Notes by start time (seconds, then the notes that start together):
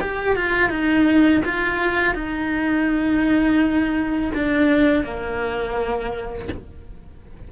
0.00 G4
0.36 F4
0.69 D#4
1.44 F4
2.14 D#4
4.34 D4
5.04 A#3